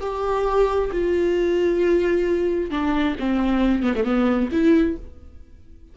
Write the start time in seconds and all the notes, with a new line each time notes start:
0.00 G4
0.91 F4
2.70 D4
3.19 C4
3.82 B3
3.95 A3
4.04 B3
4.51 E4